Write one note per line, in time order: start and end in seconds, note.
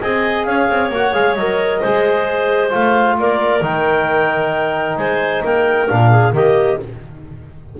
0.00 0.47 C4
0.00 0.92 G#4
0.00 0.46 D#5
0.00 0.44 G#5
0.44 0.69 C#4
0.44 1.80 C#5
0.44 0.89 F5
0.69 0.89 C4
0.89 1.12 A#3
0.89 1.13 F#4
0.89 1.14 F#5
1.13 1.35 G#3
1.13 1.36 G#4
1.13 1.34 F5
1.34 1.80 F#3
1.34 1.84 A#4
1.34 2.70 D#5
1.80 2.74 G#3
1.80 2.70 G#4
1.80 3.16 C5
2.70 3.19 A3
2.70 3.60 F4
2.70 3.18 F5
3.19 3.62 A#3
3.19 4.98 A#4
3.19 3.64 D5
3.62 4.97 D#3
3.62 5.88 D#4
3.62 4.97 G5
4.97 5.42 G#3
4.97 5.43 C5
4.97 5.43 G#5
5.44 5.89 A#3
5.44 6.11 A#4
5.44 5.88 G5
5.88 6.32 A#2
5.88 6.32 D4
5.88 6.33 F5
6.11 6.33 G#4
6.32 6.77 D#3
6.32 6.77 A#3
6.32 6.79 G4
6.32 6.80 D#5